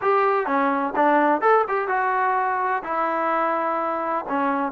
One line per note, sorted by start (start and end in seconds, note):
0.01 0.46 G4
0.46 0.93 C#4
0.95 1.41 D4
1.41 1.64 A4
1.68 1.88 G4
1.88 2.82 F#4
2.83 4.25 E4
4.28 4.71 C#4